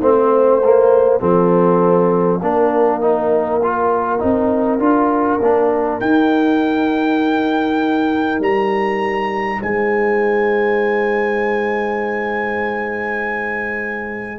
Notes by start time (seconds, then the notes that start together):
0.00 A3 C4 C5 F5
0.64 A#3
1.19 F3 C4 A4
2.41 A#3 D4 A#4
3.00 D#4
3.63 F4
4.19 C4 D#4
4.78 D4 F4
5.40 A#3 D4
6.00 D#4 G5
8.39 G3 A#5
9.59 G#3 C5 G#5